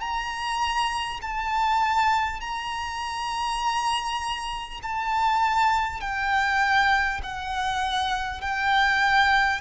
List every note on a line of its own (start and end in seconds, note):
0.00 1.20 A#5
1.21 2.40 A5
2.40 4.80 A#5
4.82 6.01 A5
6.01 7.21 G5
7.23 8.41 F#5
8.41 9.61 G5